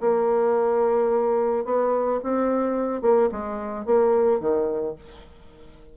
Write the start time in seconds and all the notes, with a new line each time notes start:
0.00 A#3
1.65 B3
2.23 C4
3.02 A#3
3.31 G#3
3.86 A#3
4.40 D#3